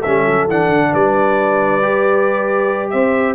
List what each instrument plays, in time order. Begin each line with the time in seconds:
0.00 tuba G3, trombone C#4, horn A4, trumpet E5
0.27 tuba F#3
0.48 tuba E3, trombone D4, trumpet F#5
0.70 tuba D3
0.93 tuba G3, horn B4, trumpet D5
1.82 trombone G4
2.90 tuba C4, horn C5, trumpet E5